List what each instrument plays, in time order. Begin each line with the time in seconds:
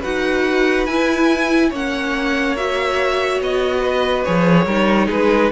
0.00 cello D#4, viola F#4, violin B4 F#5
0.86 cello E4, viola E4, violin G#5
1.70 cello A#3, viola C#4, violin C#5 F#5
2.57 viola F#4, violin E5
3.41 cello B3, violin D#5
3.80 violin B4
4.24 cello F3, viola G#4, violin C#5
4.66 cello G3, viola D#4, violin A#4
5.07 cello G#3, violin G#4 B4